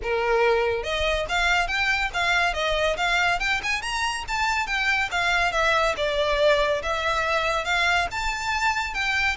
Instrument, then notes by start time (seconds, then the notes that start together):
violin
0.02 A#4
0.83 D#5
1.28 F5
1.67 G5
2.13 F5
2.53 D#5
2.97 F5
3.39 G5
3.63 G#5
3.81 A#5
4.28 A5
4.66 G5
5.11 F5
5.52 E5
5.96 D5
6.82 E5
7.64 F5
8.11 A5
8.94 G5